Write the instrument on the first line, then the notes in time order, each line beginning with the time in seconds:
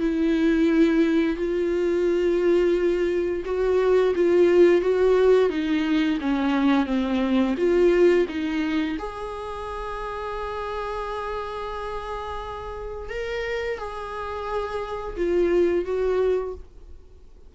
viola
0.00 E4
1.37 F4
3.45 F#4
4.16 F4
4.82 F#4
5.50 D#4
6.21 C#4
6.86 C4
7.58 F4
8.29 D#4
8.99 G#4
13.10 A#4
13.78 G#4
15.17 F4
15.85 F#4